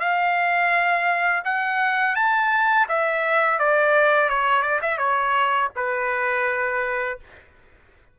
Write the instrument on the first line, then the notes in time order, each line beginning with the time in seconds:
trumpet
0.00 F5
1.45 F#5
2.16 A5
2.89 E5
3.59 D5
4.29 C#5
4.62 D5
4.82 E5
4.98 C#5
5.76 B4